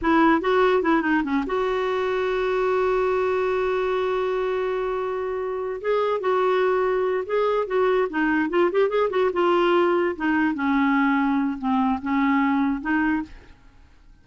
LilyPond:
\new Staff \with { instrumentName = "clarinet" } { \time 4/4 \tempo 4 = 145 e'4 fis'4 e'8 dis'8 cis'8 fis'8~ | fis'1~ | fis'1~ | fis'2 gis'4 fis'4~ |
fis'4. gis'4 fis'4 dis'8~ | dis'8 f'8 g'8 gis'8 fis'8 f'4.~ | f'8 dis'4 cis'2~ cis'8 | c'4 cis'2 dis'4 | }